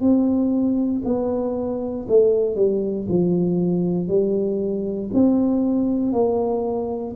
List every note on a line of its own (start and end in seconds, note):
0.00 1.02 C4
1.04 2.06 B3
2.08 2.56 A3
2.56 3.06 G3
3.08 4.08 F3
4.08 5.09 G3
5.13 6.12 C4
6.12 7.14 A#3